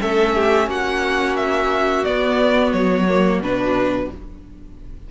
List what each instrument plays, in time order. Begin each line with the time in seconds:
0.00 cello A3, viola C#4, violin A4 E5
0.34 violin G4
0.67 cello A#3, violin F#4 F#5
1.36 violin E5
2.04 viola B3, cello B3, violin D5
2.72 cello F#3, violin C#5
3.09 viola A#3
3.39 cello B2, viola D4, violin B4